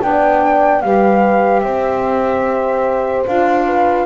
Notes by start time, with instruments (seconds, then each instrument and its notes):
0.00 double bass B3, saxophone D4, horn D5, flute G5
0.81 double bass G3, saxophone G4, horn B4, flute F5
1.60 double bass C4, horn C5, flute E5
3.26 double bass D4, saxophone F4, flute F5
3.66 horn B4